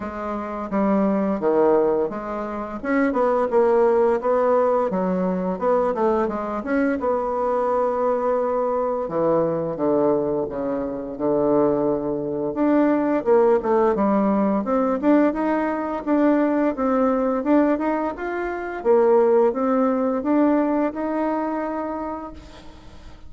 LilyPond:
\new Staff \with { instrumentName = "bassoon" } { \time 4/4 \tempo 4 = 86 gis4 g4 dis4 gis4 | cis'8 b8 ais4 b4 fis4 | b8 a8 gis8 cis'8 b2~ | b4 e4 d4 cis4 |
d2 d'4 ais8 a8 | g4 c'8 d'8 dis'4 d'4 | c'4 d'8 dis'8 f'4 ais4 | c'4 d'4 dis'2 | }